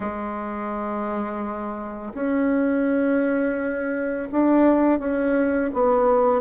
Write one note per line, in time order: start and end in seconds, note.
0.00 2.12 G#3
2.14 4.28 C#4
4.31 4.99 D4
4.99 5.70 C#4
5.73 6.41 B3